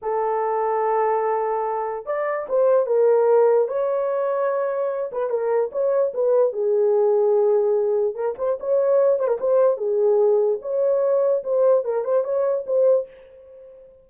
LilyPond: \new Staff \with { instrumentName = "horn" } { \time 4/4 \tempo 4 = 147 a'1~ | a'4 d''4 c''4 ais'4~ | ais'4 cis''2.~ | cis''8 b'8 ais'4 cis''4 b'4 |
gis'1 | ais'8 c''8 cis''4. c''16 ais'16 c''4 | gis'2 cis''2 | c''4 ais'8 c''8 cis''4 c''4 | }